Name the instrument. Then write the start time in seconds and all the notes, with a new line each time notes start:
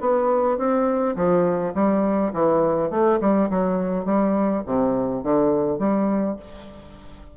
bassoon
0.00 B3
0.57 C4
1.16 F3
1.74 G3
2.33 E3
2.90 A3
3.20 G3
3.50 F#3
4.05 G3
4.66 C3
5.23 D3
5.78 G3